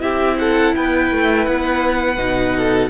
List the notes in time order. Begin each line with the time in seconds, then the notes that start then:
0.00 C4 E4 G4 E5
0.39 A4 F#5
0.76 B3 B4 G5
1.11 A3
1.46 B3 F#5
2.17 B2 D#4
2.57 A4